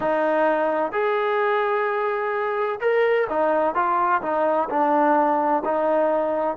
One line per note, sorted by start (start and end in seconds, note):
0.00 0.92 D#4
0.92 2.79 G#4
2.80 3.27 A#4
3.29 3.74 D#4
3.74 4.21 F4
4.22 4.69 D#4
4.69 5.63 D4
5.64 6.56 D#4